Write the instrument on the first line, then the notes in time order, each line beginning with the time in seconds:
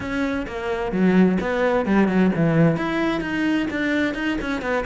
cello
0.00 C#4
0.47 A#3
0.92 F#3
1.41 B3
1.85 G3
2.08 F#3
2.35 E3
2.76 E4
3.21 D#4
3.70 D4
4.14 D#4
4.41 C#4
4.61 B3